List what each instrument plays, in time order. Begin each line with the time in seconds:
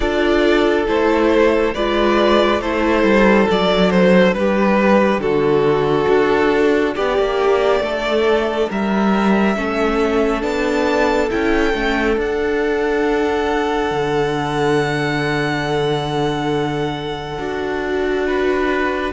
0.00 cello D4, viola F4, violin A4 D5
0.87 cello A3, viola E4, violin C5
1.74 cello G#3, viola F4, violin B4 D5
2.60 cello A3, viola E4, violin A4 C5
3.03 cello G3
3.49 cello F#3, viola D4, violin D5
3.90 violin C5
4.33 cello G3, violin G4 B4
5.18 cello D3, violin F#4 A4
6.08 cello D4
6.95 cello B3, violin G4 D5
7.18 cello A#3
7.80 cello A3, violin A4
8.70 cello G3, violin A#4 E5
9.56 cello A3, viola C#4, violin A4
10.41 cello B3, viola D4, violin A5
11.30 cello C#4, viola E4, violin G5
11.73 cello A3, viola C#4
12.17 cello D4, viola D4, violin F#5
13.90 cello D3
17.38 cello D4, viola F#4
18.26 violin B4